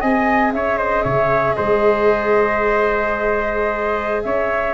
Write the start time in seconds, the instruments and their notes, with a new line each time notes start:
0.00 tuba C4, viola G#4, trumpet D#5, flute G#5
0.52 tuba C#4, trumpet C#5, flute E5
0.77 trumpet C5, flute D#5
1.03 tuba C#3, trumpet C#5, flute E5
1.54 tuba G#3, trumpet C5, flute D#5
4.22 tuba C#4, trumpet C#5, flute E5